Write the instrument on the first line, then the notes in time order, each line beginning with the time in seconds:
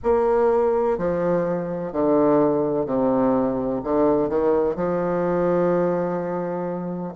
bassoon
0.03 A#3
0.97 F3
1.92 D3
2.86 C3
3.84 D3
4.29 D#3
4.75 F3